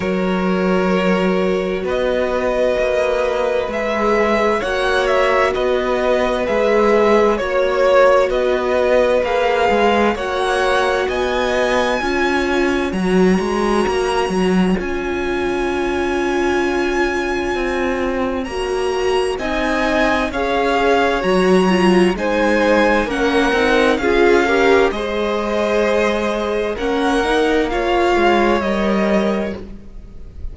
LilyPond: <<
  \new Staff \with { instrumentName = "violin" } { \time 4/4 \tempo 4 = 65 cis''2 dis''2 | e''4 fis''8 e''8 dis''4 e''4 | cis''4 dis''4 f''4 fis''4 | gis''2 ais''2 |
gis''1 | ais''4 gis''4 f''4 ais''4 | gis''4 fis''4 f''4 dis''4~ | dis''4 fis''4 f''4 dis''4 | }
  \new Staff \with { instrumentName = "violin" } { \time 4/4 ais'2 b'2~ | b'4 cis''4 b'2 | cis''4 b'2 cis''4 | dis''4 cis''2.~ |
cis''1~ | cis''4 dis''4 cis''2 | c''4 ais'4 gis'8 ais'8 c''4~ | c''4 ais'4 cis''2 | }
  \new Staff \with { instrumentName = "viola" } { \time 4/4 fis'1 | gis'4 fis'2 gis'4 | fis'2 gis'4 fis'4~ | fis'4 f'4 fis'2 |
f'1 | fis'4 dis'4 gis'4 fis'8 f'8 | dis'4 cis'8 dis'8 f'8 g'8 gis'4~ | gis'4 cis'8 dis'8 f'4 ais'4 | }
  \new Staff \with { instrumentName = "cello" } { \time 4/4 fis2 b4 ais4 | gis4 ais4 b4 gis4 | ais4 b4 ais8 gis8 ais4 | b4 cis'4 fis8 gis8 ais8 fis8 |
cis'2. c'4 | ais4 c'4 cis'4 fis4 | gis4 ais8 c'8 cis'4 gis4~ | gis4 ais4. gis8 g4 | }
>>